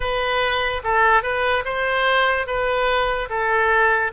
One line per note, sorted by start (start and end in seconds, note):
0.00 0.82 B4
0.83 1.23 A4
1.23 1.64 B4
1.64 2.47 C5
2.47 3.29 B4
3.29 4.11 A4